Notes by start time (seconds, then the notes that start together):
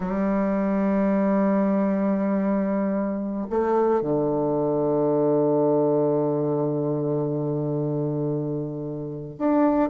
0.00 G3
3.50 A3
4.01 D3
9.38 D4